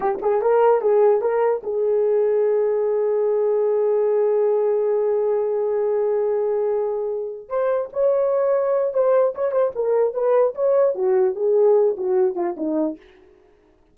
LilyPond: \new Staff \with { instrumentName = "horn" } { \time 4/4 \tempo 4 = 148 g'8 gis'8 ais'4 gis'4 ais'4 | gis'1~ | gis'1~ | gis'1~ |
gis'2~ gis'8 c''4 cis''8~ | cis''2 c''4 cis''8 c''8 | ais'4 b'4 cis''4 fis'4 | gis'4. fis'4 f'8 dis'4 | }